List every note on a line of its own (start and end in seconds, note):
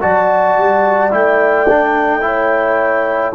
0.00 0.57 F#3
0.00 1.10 F#4
0.00 2.23 D5
0.00 1.12 A5
0.57 1.12 G3
1.10 3.34 A3
1.10 1.66 E4
1.10 3.34 G5
1.68 2.21 D4
2.21 3.32 E4
2.21 3.34 C#5